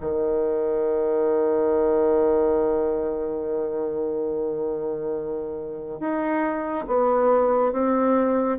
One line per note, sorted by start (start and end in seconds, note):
0.00 6.00 D#3
6.00 6.86 D#4
6.87 7.72 B3
7.72 8.58 C4